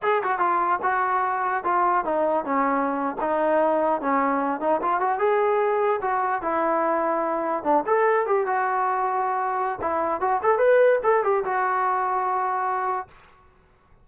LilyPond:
\new Staff \with { instrumentName = "trombone" } { \time 4/4 \tempo 4 = 147 gis'8 fis'8 f'4 fis'2 | f'4 dis'4 cis'4.~ cis'16 dis'16~ | dis'4.~ dis'16 cis'4. dis'8 f'16~ | f'16 fis'8 gis'2 fis'4 e'16~ |
e'2~ e'8. d'8 a'8.~ | a'16 g'8 fis'2.~ fis'16 | e'4 fis'8 a'8 b'4 a'8 g'8 | fis'1 | }